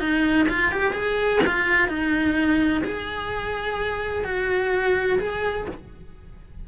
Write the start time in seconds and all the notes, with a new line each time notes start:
0.00 D#4
0.49 F4
0.72 G4
0.93 G#4
1.46 F4
1.89 D#4
2.84 G#4
4.25 F#4
5.19 G#4